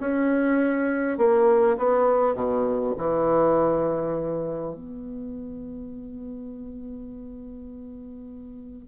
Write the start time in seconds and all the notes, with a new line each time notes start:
0.00 C#4
1.17 A#3
1.77 B3
2.34 B2
2.97 E3
4.74 B3